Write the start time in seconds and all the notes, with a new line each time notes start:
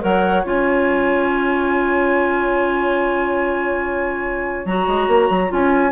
0.00 F#3 A#4 C#5 F#5
0.44 C#4 F4 G#5
4.65 F#3 F#4 A#5
4.87 G#3
5.07 A#3
5.30 F#3
5.48 C#4 F4 G#5